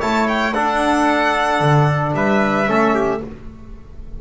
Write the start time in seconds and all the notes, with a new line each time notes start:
0.00 A3 E4 C#5 A5
0.28 G5
0.54 D4 A4 F#5
1.61 D3
2.14 G3 B4 E5
2.67 A3 C#4 A4
2.95 G4